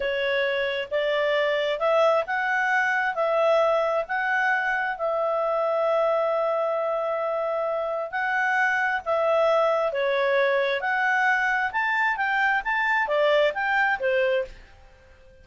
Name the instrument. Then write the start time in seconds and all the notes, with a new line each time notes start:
clarinet
0.00 C#5
0.90 D5
1.79 E5
2.26 F#5
3.14 E5
4.08 F#5
4.97 E5
8.11 F#5
9.05 E5
9.92 C#5
10.80 F#5
11.72 A5
12.16 G5
12.64 A5
13.07 D5
13.54 G5
13.99 C5